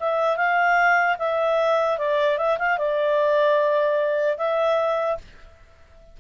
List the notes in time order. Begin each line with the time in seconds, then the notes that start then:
0.00 E5
0.37 F5
1.19 E5
1.99 D5
2.38 E5
2.59 F5
2.78 D5
4.38 E5